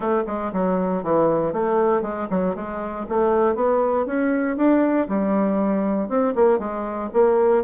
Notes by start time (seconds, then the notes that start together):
0.00 A3
0.26 G#3
0.52 F#3
1.03 E3
1.53 A3
2.02 G#3
2.30 F#3
2.55 G#3
3.09 A3
3.55 B3
4.06 C#4
4.56 D4
5.08 G3
6.08 C4
6.35 A#3
6.58 G#3
7.13 A#3